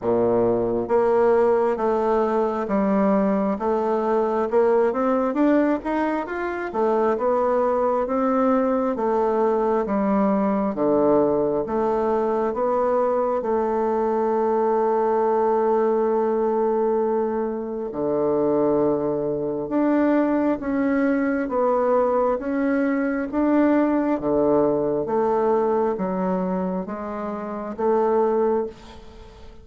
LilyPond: \new Staff \with { instrumentName = "bassoon" } { \time 4/4 \tempo 4 = 67 ais,4 ais4 a4 g4 | a4 ais8 c'8 d'8 dis'8 f'8 a8 | b4 c'4 a4 g4 | d4 a4 b4 a4~ |
a1 | d2 d'4 cis'4 | b4 cis'4 d'4 d4 | a4 fis4 gis4 a4 | }